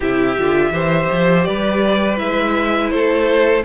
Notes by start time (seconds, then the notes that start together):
0.00 C3 E4 G4 E5
0.38 D3 F4
0.71 E3 G4 C5
1.11 F3
1.44 G3 B4 D5
2.17 G#3 E4 E5
2.90 A3 A4 C5